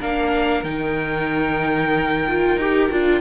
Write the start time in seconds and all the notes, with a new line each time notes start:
0.00 A#3 D4 A#4 F5
0.64 D#3 D#4 G5
2.28 F4
2.56 D#4 G4
2.92 D4 F4